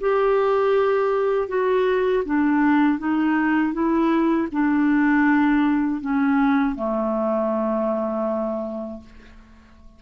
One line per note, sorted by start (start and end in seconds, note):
0.00 1.48 G4
1.48 2.23 F#4
2.25 2.99 D4
2.99 3.73 D#4
3.73 4.48 E4
4.52 6.01 D4
6.01 6.75 C#4
6.75 9.00 A3